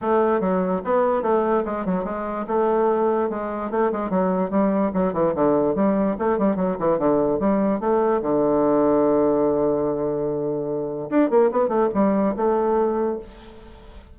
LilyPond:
\new Staff \with { instrumentName = "bassoon" } { \time 4/4 \tempo 4 = 146 a4 fis4 b4 a4 | gis8 fis8 gis4 a2 | gis4 a8 gis8 fis4 g4 | fis8 e8 d4 g4 a8 g8 |
fis8 e8 d4 g4 a4 | d1~ | d2. d'8 ais8 | b8 a8 g4 a2 | }